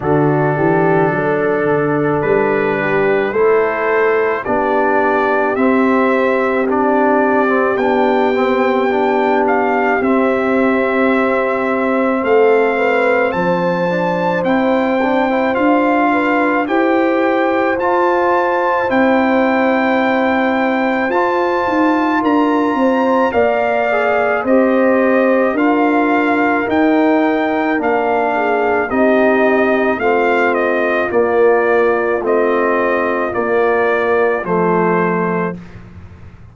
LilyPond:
<<
  \new Staff \with { instrumentName = "trumpet" } { \time 4/4 \tempo 4 = 54 a'2 b'4 c''4 | d''4 e''4 d''4 g''4~ | g''8 f''8 e''2 f''4 | a''4 g''4 f''4 g''4 |
a''4 g''2 a''4 | ais''4 f''4 dis''4 f''4 | g''4 f''4 dis''4 f''8 dis''8 | d''4 dis''4 d''4 c''4 | }
  \new Staff \with { instrumentName = "horn" } { \time 4/4 fis'8 g'8 a'4. g'8 a'4 | g'1~ | g'2. a'8 b'8 | c''2~ c''8 b'8 c''4~ |
c''1 | ais'8 c''8 d''4 c''4 ais'4~ | ais'4. gis'8 g'4 f'4~ | f'1 | }
  \new Staff \with { instrumentName = "trombone" } { \time 4/4 d'2. e'4 | d'4 c'4 d'8. c'16 d'8 c'8 | d'4 c'2.~ | c'8 d'8 e'8 d'16 e'16 f'4 g'4 |
f'4 e'2 f'4~ | f'4 ais'8 gis'8 g'4 f'4 | dis'4 d'4 dis'4 c'4 | ais4 c'4 ais4 a4 | }
  \new Staff \with { instrumentName = "tuba" } { \time 4/4 d8 e8 fis8 d8 g4 a4 | b4 c'2 b4~ | b4 c'2 a4 | f4 c'4 d'4 e'4 |
f'4 c'2 f'8 dis'8 | d'8 c'8 ais4 c'4 d'4 | dis'4 ais4 c'4 a4 | ais4 a4 ais4 f4 | }
>>